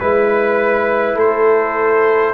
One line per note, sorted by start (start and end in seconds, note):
0.00 1.16 G#3
0.00 2.34 E4
0.00 1.18 B4
0.00 1.15 B4
1.15 2.33 A3
1.15 2.33 A4
1.15 2.34 C5